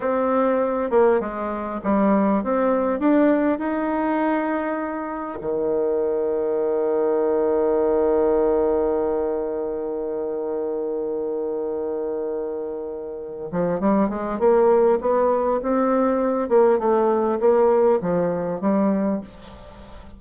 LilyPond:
\new Staff \with { instrumentName = "bassoon" } { \time 4/4 \tempo 4 = 100 c'4. ais8 gis4 g4 | c'4 d'4 dis'2~ | dis'4 dis2.~ | dis1~ |
dis1~ | dis2~ dis8 f8 g8 gis8 | ais4 b4 c'4. ais8 | a4 ais4 f4 g4 | }